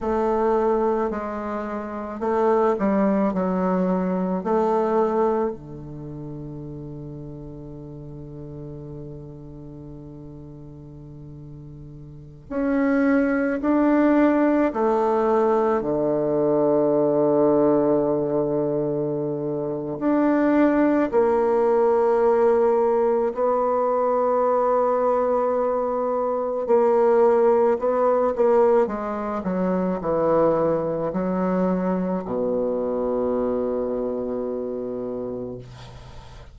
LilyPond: \new Staff \with { instrumentName = "bassoon" } { \time 4/4 \tempo 4 = 54 a4 gis4 a8 g8 fis4 | a4 d2.~ | d2.~ d16 cis'8.~ | cis'16 d'4 a4 d4.~ d16~ |
d2 d'4 ais4~ | ais4 b2. | ais4 b8 ais8 gis8 fis8 e4 | fis4 b,2. | }